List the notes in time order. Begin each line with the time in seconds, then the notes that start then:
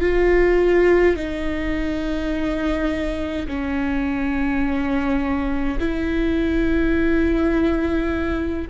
0.00 F4
1.16 D#4
3.47 C#4
5.79 E4